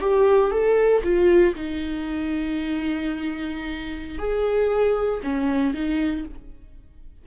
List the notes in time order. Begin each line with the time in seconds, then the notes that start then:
0.00 G4
0.51 A4
1.03 F4
1.54 D#4
4.18 G#4
5.23 C#4
5.73 D#4